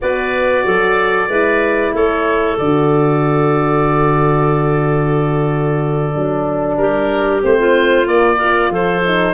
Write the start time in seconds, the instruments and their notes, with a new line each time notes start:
0.01 tuba B3, horn F#4, clarinet B4, oboe D5
0.65 tuba F#3, clarinet A4
1.28 tuba G#3, horn E4, clarinet B4
1.93 tuba A3, clarinet A4, oboe C#5
2.58 tuba D3, horn F#4, oboe D5
6.14 tuba F#3, horn D4
6.76 tuba G3, clarinet G4, oboe A#4
7.41 tuba A3, horn C4, oboe C5
7.58 clarinet F4
8.06 horn A#3, tuba A#3, oboe D5
8.36 horn F4, clarinet A#4
8.69 tuba F3, clarinet A4, oboe C5
9.06 horn D#4